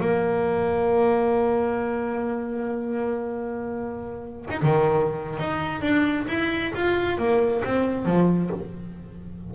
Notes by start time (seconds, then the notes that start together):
0.00 A#3
4.50 D#4
4.62 D#3
5.39 D#4
5.81 D4
6.28 E4
6.74 F4
7.17 A#3
7.64 C4
8.05 F3